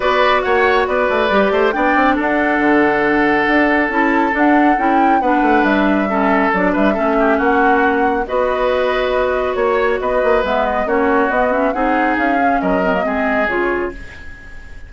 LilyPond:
<<
  \new Staff \with { instrumentName = "flute" } { \time 4/4 \tempo 4 = 138 d''4 fis''4 d''2 | g''4 fis''2.~ | fis''4 a''4 fis''4 g''4 | fis''4 e''2 d''8 e''8~ |
e''4 fis''2 dis''4~ | dis''2 cis''4 dis''4 | e''8 dis''8 cis''4 dis''8 e''8 fis''4 | f''4 dis''2 cis''4 | }
  \new Staff \with { instrumentName = "oboe" } { \time 4/4 b'4 cis''4 b'4. c''8 | d''4 a'2.~ | a'1 | b'2 a'4. b'8 |
a'8 g'8 fis'2 b'4~ | b'2 cis''4 b'4~ | b'4 fis'2 gis'4~ | gis'4 ais'4 gis'2 | }
  \new Staff \with { instrumentName = "clarinet" } { \time 4/4 fis'2. g'4 | d'1~ | d'4 e'4 d'4 e'4 | d'2 cis'4 d'4 |
cis'2. fis'4~ | fis'1 | b4 cis'4 b8 cis'8 dis'4~ | dis'8 cis'4 c'16 ais16 c'4 f'4 | }
  \new Staff \with { instrumentName = "bassoon" } { \time 4/4 b4 ais4 b8 a8 g8 a8 | b8 c'8 d'4 d2 | d'4 cis'4 d'4 cis'4 | b8 a8 g2 fis8 g8 |
a4 ais2 b4~ | b2 ais4 b8 ais8 | gis4 ais4 b4 c'4 | cis'4 fis4 gis4 cis4 | }
>>